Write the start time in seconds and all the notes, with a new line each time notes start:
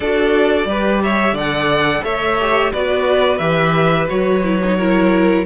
0.00 D4 F#4 A4 D5
0.65 G3 G4 B4
1.03 C#5 E5
1.32 D3 A4 D5 F#5
2.04 A3 C#5 E5
2.40 G4
2.72 B3 F#4 B4 D5
3.38 E3 G4 E5
4.08 F#3 F#4 C#5
4.43 E4
4.63 D#4
4.77 E4 A#4